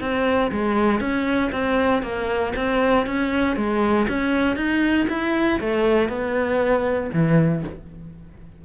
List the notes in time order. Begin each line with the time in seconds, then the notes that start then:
0.00 C4
0.51 G#3
1.00 C#4
1.51 C4
2.02 A#3
2.55 C4
3.06 C#4
3.56 G#3
4.08 C#4
4.56 D#4
5.09 E4
5.60 A3
6.08 B3
7.13 E3